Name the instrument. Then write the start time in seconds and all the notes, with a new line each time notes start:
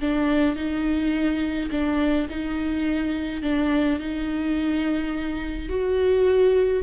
viola
0.00 D4
0.56 D#4
1.71 D4
2.29 D#4
3.42 D4
3.99 D#4
5.69 F#4